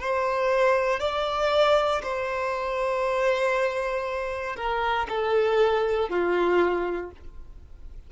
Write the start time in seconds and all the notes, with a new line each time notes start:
0.00 C5
1.00 D5
2.03 C5
4.56 A#4
5.09 A4
6.09 F4